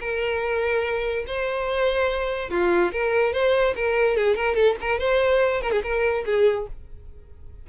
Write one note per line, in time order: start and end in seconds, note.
0.00 1.25 A#4
1.27 2.50 C5
2.50 2.92 F4
2.92 3.33 A#4
3.33 3.74 C5
3.76 4.16 A#4
4.16 4.36 G#4
4.36 4.55 A#4
4.55 4.76 A4
4.81 4.99 A#4
4.99 5.61 C5
5.61 5.72 A#4
5.72 5.82 G#4
5.83 6.25 A#4
6.25 6.67 G#4